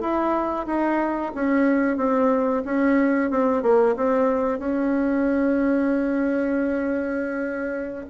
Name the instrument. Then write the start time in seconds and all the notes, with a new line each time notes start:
bassoon
0.00 E4
0.66 D#4
1.35 C#4
1.97 C4
2.65 C#4
3.30 C4
3.62 A#3
3.96 C4
4.59 C#4